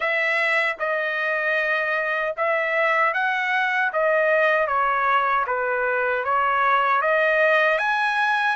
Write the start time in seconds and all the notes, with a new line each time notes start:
0.00 E5
0.79 D#5
2.36 E5
3.13 F#5
3.92 D#5
4.67 C#5
5.47 B4
6.24 C#5
7.01 D#5
7.78 G#5